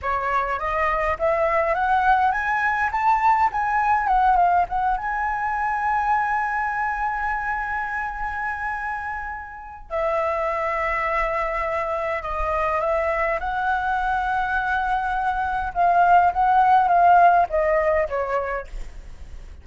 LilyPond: \new Staff \with { instrumentName = "flute" } { \time 4/4 \tempo 4 = 103 cis''4 dis''4 e''4 fis''4 | gis''4 a''4 gis''4 fis''8 f''8 | fis''8 gis''2.~ gis''8~ | gis''1~ |
gis''4 e''2.~ | e''4 dis''4 e''4 fis''4~ | fis''2. f''4 | fis''4 f''4 dis''4 cis''4 | }